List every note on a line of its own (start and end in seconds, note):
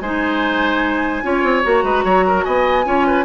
0.00 1.22 G#3
0.00 1.22 D#4
0.00 1.23 C5
0.00 1.63 G#5
1.22 1.43 C#4
1.22 1.62 F4
1.22 1.84 C#5
1.43 1.63 C4
1.62 1.83 A#3
1.62 2.84 F#4
1.62 2.44 A#5
1.83 2.03 G#3
1.83 2.04 B4
2.04 2.45 F#3
2.04 2.24 C#5
2.27 2.44 A#4
2.44 2.85 B3
2.44 2.85 D#5
2.44 3.24 G#5
2.84 3.24 C#4
2.84 3.24 F4
2.84 3.07 C#5
3.07 3.24 B4